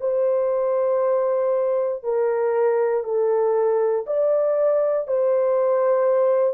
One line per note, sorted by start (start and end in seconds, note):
0.00 2.03 C5
2.03 3.04 A#4
3.04 4.05 A4
4.06 5.07 D5
5.07 6.54 C5